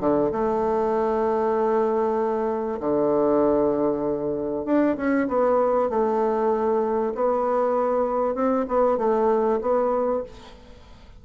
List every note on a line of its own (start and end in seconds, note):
0.00 0.31 D3
0.32 2.80 A3
2.80 4.66 D3
4.66 4.97 D4
4.97 5.28 C#4
5.28 5.90 B3
5.90 7.14 A3
7.15 8.35 B3
8.35 8.66 C4
8.68 8.98 B3
8.98 9.60 A3
9.62 10.23 B3